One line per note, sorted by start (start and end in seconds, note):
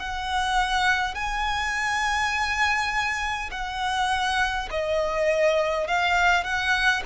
0.00 1.15 F#5
1.15 3.50 G#5
3.51 4.69 F#5
4.71 5.88 D#5
5.88 6.44 F5
6.44 7.03 F#5